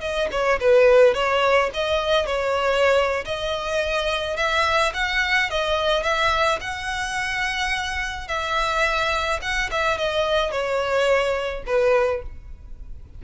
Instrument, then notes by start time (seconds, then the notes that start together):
violin
0.00 D#5
0.31 C#5
0.60 B4
1.14 C#5
1.74 D#5
2.26 C#5
3.25 D#5
4.37 E5
4.94 F#5
5.50 D#5
6.03 E5
6.61 F#5
8.28 E5
9.42 F#5
9.71 E5
9.98 D#5
10.51 C#5
11.66 B4